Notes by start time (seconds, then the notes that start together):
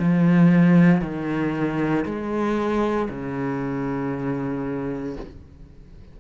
0.00 F3
1.02 D#3
2.06 G#3
3.10 C#3